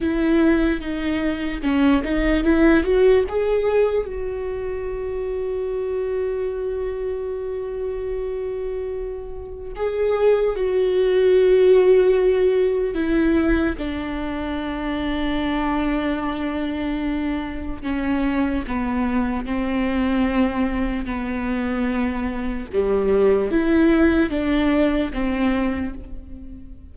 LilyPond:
\new Staff \with { instrumentName = "viola" } { \time 4/4 \tempo 4 = 74 e'4 dis'4 cis'8 dis'8 e'8 fis'8 | gis'4 fis'2.~ | fis'1 | gis'4 fis'2. |
e'4 d'2.~ | d'2 cis'4 b4 | c'2 b2 | g4 e'4 d'4 c'4 | }